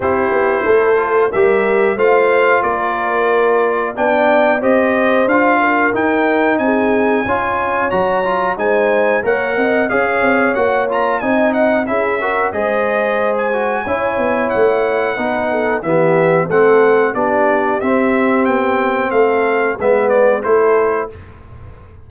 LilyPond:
<<
  \new Staff \with { instrumentName = "trumpet" } { \time 4/4 \tempo 4 = 91 c''2 e''4 f''4 | d''2 g''4 dis''4 | f''4 g''4 gis''2 | ais''4 gis''4 fis''4 f''4 |
fis''8 ais''8 gis''8 fis''8 e''4 dis''4~ | dis''16 gis''4.~ gis''16 fis''2 | e''4 fis''4 d''4 e''4 | g''4 f''4 e''8 d''8 c''4 | }
  \new Staff \with { instrumentName = "horn" } { \time 4/4 g'4 a'4 ais'4 c''4 | ais'2 d''4 c''4~ | c''8 ais'4. gis'4 cis''4~ | cis''4 c''4 cis''8 dis''8 cis''4~ |
cis''4 dis''4 gis'8 ais'8 c''4~ | c''4 cis''2 b'8 a'8 | g'4 a'4 g'2~ | g'4 a'4 b'4 a'4 | }
  \new Staff \with { instrumentName = "trombone" } { \time 4/4 e'4. f'8 g'4 f'4~ | f'2 d'4 g'4 | f'4 dis'2 f'4 | fis'8 f'8 dis'4 ais'4 gis'4 |
fis'8 f'8 dis'4 e'8 fis'8 gis'4~ | gis'8 fis'8 e'2 dis'4 | b4 c'4 d'4 c'4~ | c'2 b4 e'4 | }
  \new Staff \with { instrumentName = "tuba" } { \time 4/4 c'8 b8 a4 g4 a4 | ais2 b4 c'4 | d'4 dis'4 c'4 cis'4 | fis4 gis4 ais8 c'8 cis'8 c'8 |
ais4 c'4 cis'4 gis4~ | gis4 cis'8 b8 a4 b4 | e4 a4 b4 c'4 | b4 a4 gis4 a4 | }
>>